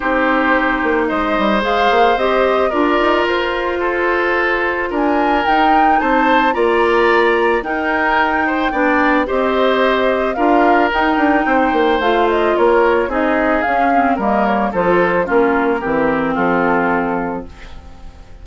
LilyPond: <<
  \new Staff \with { instrumentName = "flute" } { \time 4/4 \tempo 4 = 110 c''2 dis''4 f''4 | dis''4 d''4 c''2~ | c''4 gis''4 g''4 a''4 | ais''2 g''2~ |
g''4 dis''2 f''4 | g''2 f''8 dis''8 cis''4 | dis''4 f''4 dis''8 cis''8 c''4 | ais'2 a'2 | }
  \new Staff \with { instrumentName = "oboe" } { \time 4/4 g'2 c''2~ | c''4 ais'2 a'4~ | a'4 ais'2 c''4 | d''2 ais'4. c''8 |
d''4 c''2 ais'4~ | ais'4 c''2 ais'4 | gis'2 ais'4 a'4 | f'4 g'4 f'2 | }
  \new Staff \with { instrumentName = "clarinet" } { \time 4/4 dis'2. gis'4 | g'4 f'2.~ | f'2 dis'2 | f'2 dis'2 |
d'4 g'2 f'4 | dis'2 f'2 | dis'4 cis'8 c'8 ais4 f'4 | cis'4 c'2. | }
  \new Staff \with { instrumentName = "bassoon" } { \time 4/4 c'4. ais8 gis8 g8 gis8 ais8 | c'4 d'8 dis'8 f'2~ | f'4 d'4 dis'4 c'4 | ais2 dis'2 |
b4 c'2 d'4 | dis'8 d'8 c'8 ais8 a4 ais4 | c'4 cis'4 g4 f4 | ais4 e4 f2 | }
>>